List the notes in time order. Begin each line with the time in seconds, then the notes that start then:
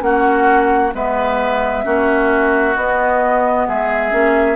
0.00 A#3 C#4 F#4 F#5
0.94 G#3 B3 B4 E5
1.84 A#3 C#4 F#4
2.76 B3 D#5
3.67 G#3 G#4 E5
4.11 A#3 C#4